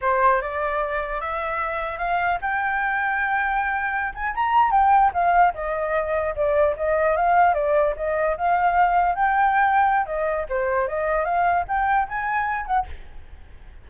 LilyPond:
\new Staff \with { instrumentName = "flute" } { \time 4/4 \tempo 4 = 149 c''4 d''2 e''4~ | e''4 f''4 g''2~ | g''2~ g''16 gis''8 ais''4 g''16~ | g''8. f''4 dis''2 d''16~ |
d''8. dis''4 f''4 d''4 dis''16~ | dis''8. f''2 g''4~ g''16~ | g''4 dis''4 c''4 dis''4 | f''4 g''4 gis''4. fis''8 | }